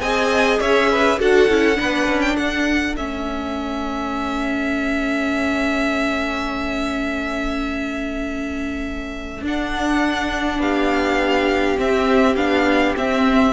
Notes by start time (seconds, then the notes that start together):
0.00 C4 G#4 D#5 G#5
0.60 C#4 C#5 E5
0.90 B4
1.19 D4 F#4 A4 F#5
1.49 C#4 E4
1.75 B3 D4 B4
2.07 C#4
2.21 G5
2.35 D4 A4 F#5
2.96 A3 C#4 E5
9.41 D4 F#5
10.59 B3 G4 F5
11.77 C4 E5
12.36 B3 D4 F5
12.96 C4 E5